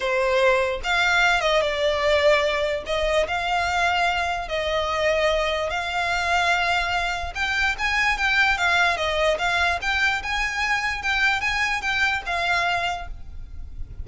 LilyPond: \new Staff \with { instrumentName = "violin" } { \time 4/4 \tempo 4 = 147 c''2 f''4. dis''8 | d''2. dis''4 | f''2. dis''4~ | dis''2 f''2~ |
f''2 g''4 gis''4 | g''4 f''4 dis''4 f''4 | g''4 gis''2 g''4 | gis''4 g''4 f''2 | }